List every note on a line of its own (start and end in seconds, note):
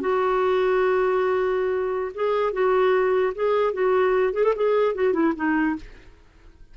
0.00 2.11 F#4
2.14 2.52 G#4
2.52 3.33 F#4
3.34 3.73 G#4
3.73 4.33 F#4
4.33 4.43 G#4
4.43 4.53 A4
4.55 4.94 G#4
4.94 5.13 F#4
5.13 5.33 E4
5.35 5.75 D#4